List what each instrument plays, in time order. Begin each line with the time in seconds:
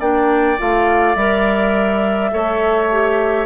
0.00 bassoon A#3, clarinet D4, oboe D5, flute G5
0.58 bassoon A3, clarinet F4, flute F5
1.16 bassoon G3, clarinet A#4, flute E5
2.31 bassoon A3, clarinet A4, oboe C#5
2.92 clarinet G4